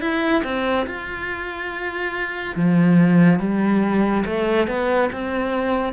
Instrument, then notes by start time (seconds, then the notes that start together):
cello
0.00 E4
0.43 C4
0.86 F4
2.55 F3
3.39 G3
4.26 A3
4.67 B3
5.12 C4